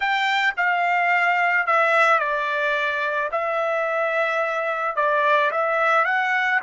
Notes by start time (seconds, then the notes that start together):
0.00 G5
0.56 F5
1.66 E5
2.19 D5
3.31 E5
4.95 D5
5.51 E5
6.05 F#5